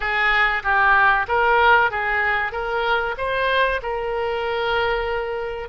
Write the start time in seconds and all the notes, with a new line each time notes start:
0.00 G#4
0.63 G4
1.27 A#4
1.90 G#4
2.51 A#4
3.17 C5
3.82 A#4